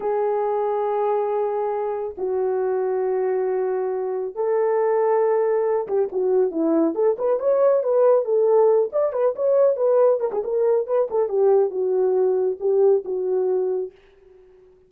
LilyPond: \new Staff \with { instrumentName = "horn" } { \time 4/4 \tempo 4 = 138 gis'1~ | gis'4 fis'2.~ | fis'2 a'2~ | a'4. g'8 fis'4 e'4 |
a'8 b'8 cis''4 b'4 a'4~ | a'8 d''8 b'8 cis''4 b'4 ais'16 gis'16 | ais'4 b'8 a'8 g'4 fis'4~ | fis'4 g'4 fis'2 | }